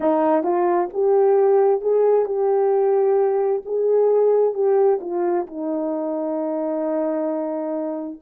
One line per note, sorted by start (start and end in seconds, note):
0.00 0.43 D#4
0.43 0.88 F4
0.93 1.81 G4
1.81 2.25 G#4
2.25 3.62 G4
3.65 4.53 G#4
4.53 4.99 G4
5.00 5.46 F4
5.47 8.19 D#4